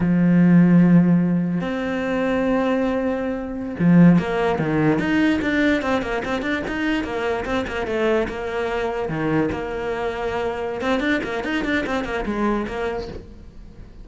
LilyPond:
\new Staff \with { instrumentName = "cello" } { \time 4/4 \tempo 4 = 147 f1 | c'1~ | c'4~ c'16 f4 ais4 dis8.~ | dis16 dis'4 d'4 c'8 ais8 c'8 d'16~ |
d'16 dis'4 ais4 c'8 ais8 a8.~ | a16 ais2 dis4 ais8.~ | ais2~ ais8 c'8 d'8 ais8 | dis'8 d'8 c'8 ais8 gis4 ais4 | }